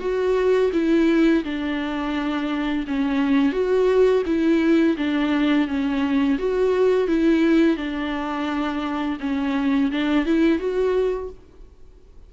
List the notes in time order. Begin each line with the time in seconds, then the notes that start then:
0.00 F#4
0.73 E4
1.44 D4
2.87 C#4
3.52 F#4
4.26 E4
4.97 D4
5.67 C#4
6.39 F#4
7.07 E4
7.77 D4
9.20 C#4
9.91 D4
10.25 E4
10.59 F#4